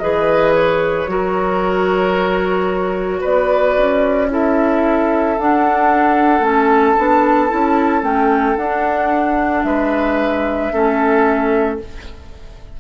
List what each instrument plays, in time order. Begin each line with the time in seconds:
0.00 bassoon E3, clarinet G#4, oboe B4, flute D#5
0.54 flute C#5
1.07 bassoon F#3, clarinet F#4, oboe A#4
3.21 bassoon B3, oboe B4, flute D5
3.77 bassoon C#4
4.30 clarinet E4, oboe A4, flute E5
5.39 bassoon D4, clarinet D4, flute F#5
6.40 bassoon A3, clarinet C#4, flute A5
6.97 bassoon B3, clarinet D4
7.49 bassoon C#4, clarinet E4
8.03 bassoon A3, clarinet C#4, flute G5
8.57 bassoon D4, clarinet D4, flute F#5
9.64 bassoon G#3, oboe B4, flute E5
10.73 bassoon A3, clarinet C#4, oboe A4